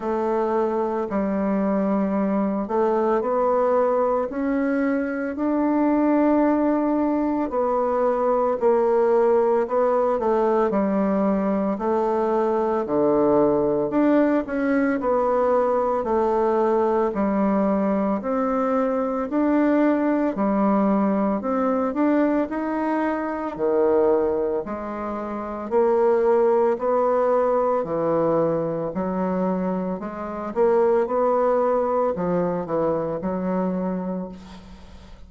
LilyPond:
\new Staff \with { instrumentName = "bassoon" } { \time 4/4 \tempo 4 = 56 a4 g4. a8 b4 | cis'4 d'2 b4 | ais4 b8 a8 g4 a4 | d4 d'8 cis'8 b4 a4 |
g4 c'4 d'4 g4 | c'8 d'8 dis'4 dis4 gis4 | ais4 b4 e4 fis4 | gis8 ais8 b4 f8 e8 fis4 | }